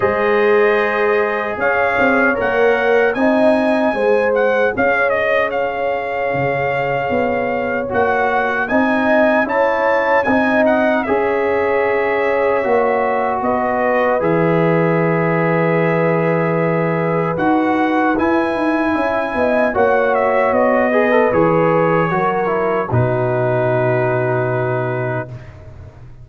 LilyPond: <<
  \new Staff \with { instrumentName = "trumpet" } { \time 4/4 \tempo 4 = 76 dis''2 f''4 fis''4 | gis''4. fis''8 f''8 dis''8 f''4~ | f''2 fis''4 gis''4 | a''4 gis''8 fis''8 e''2~ |
e''4 dis''4 e''2~ | e''2 fis''4 gis''4~ | gis''4 fis''8 e''8 dis''4 cis''4~ | cis''4 b'2. | }
  \new Staff \with { instrumentName = "horn" } { \time 4/4 c''2 cis''2 | dis''4 c''4 cis''2~ | cis''2. dis''4 | cis''4 dis''4 cis''2~ |
cis''4 b'2.~ | b'1 | e''8 dis''8 cis''4. b'4. | ais'4 fis'2. | }
  \new Staff \with { instrumentName = "trombone" } { \time 4/4 gis'2. ais'4 | dis'4 gis'2.~ | gis'2 fis'4 dis'4 | e'4 dis'4 gis'2 |
fis'2 gis'2~ | gis'2 fis'4 e'4~ | e'4 fis'4. gis'16 a'16 gis'4 | fis'8 e'8 dis'2. | }
  \new Staff \with { instrumentName = "tuba" } { \time 4/4 gis2 cis'8 c'8 ais4 | c'4 gis4 cis'2 | cis4 b4 ais4 c'4 | cis'4 c'4 cis'2 |
ais4 b4 e2~ | e2 dis'4 e'8 dis'8 | cis'8 b8 ais4 b4 e4 | fis4 b,2. | }
>>